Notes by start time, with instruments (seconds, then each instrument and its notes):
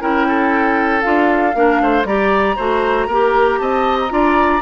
0.00 bassoon C#4, clarinet E4, oboe A#4, flute G5
0.29 oboe A4
1.02 bassoon D4, clarinet F4, flute F5
1.55 bassoon A#3, clarinet D4, oboe A#4
1.81 bassoon A3, oboe C5
2.05 bassoon G3, clarinet G4, oboe D5, flute A#5
2.56 bassoon A3, clarinet F#4, oboe C5
3.08 bassoon A#3, clarinet G4, oboe A#4
3.60 bassoon C4, oboe D#5, flute A5
4.00 flute A#5
4.10 bassoon D4, clarinet F4, oboe D5